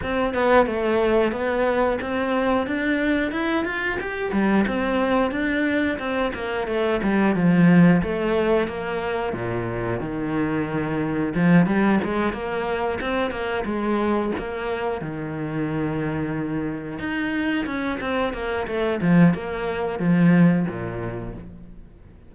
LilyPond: \new Staff \with { instrumentName = "cello" } { \time 4/4 \tempo 4 = 90 c'8 b8 a4 b4 c'4 | d'4 e'8 f'8 g'8 g8 c'4 | d'4 c'8 ais8 a8 g8 f4 | a4 ais4 ais,4 dis4~ |
dis4 f8 g8 gis8 ais4 c'8 | ais8 gis4 ais4 dis4.~ | dis4. dis'4 cis'8 c'8 ais8 | a8 f8 ais4 f4 ais,4 | }